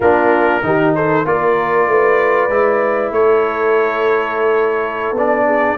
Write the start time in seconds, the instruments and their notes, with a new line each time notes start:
0.00 tuba A#3, trombone D4, horn F4, trumpet A#4
0.62 tuba D#3, trombone D#4, horn G4
0.95 horn A4, trumpet C5
1.24 tuba A#3, trombone F4, horn A#4, trumpet D5
1.87 tuba A3, horn B4
2.49 tuba G#3, trombone E4
3.11 tuba A3, horn A4, trumpet C#5
5.12 tuba B3, trombone D4, trumpet D5
5.46 horn G#4